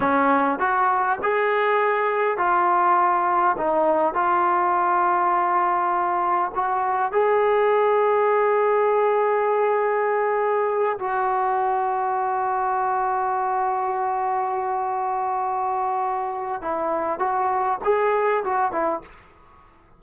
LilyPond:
\new Staff \with { instrumentName = "trombone" } { \time 4/4 \tempo 4 = 101 cis'4 fis'4 gis'2 | f'2 dis'4 f'4~ | f'2. fis'4 | gis'1~ |
gis'2~ gis'8 fis'4.~ | fis'1~ | fis'1 | e'4 fis'4 gis'4 fis'8 e'8 | }